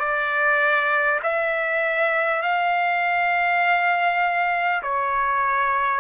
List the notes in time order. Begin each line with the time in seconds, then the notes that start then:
0.00 D5
1.23 E5
2.42 F5
4.83 C#5